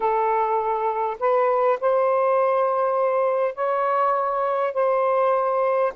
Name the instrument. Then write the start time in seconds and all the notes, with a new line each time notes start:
saxophone
0.00 A4
1.19 B4
1.80 C5
3.54 C#5
4.73 C5